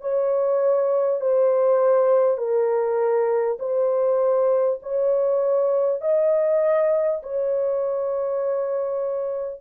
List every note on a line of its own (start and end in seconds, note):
0.00 1.20 C#5
1.20 2.37 C5
2.37 3.57 A#4
3.59 4.79 C5
4.82 6.01 C#5
6.01 7.21 D#5
7.22 9.61 C#5